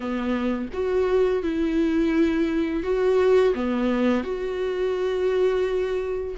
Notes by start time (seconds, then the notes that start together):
0.00 B3
0.73 F#4
1.42 E4
2.83 F#4
3.54 B3
4.23 F#4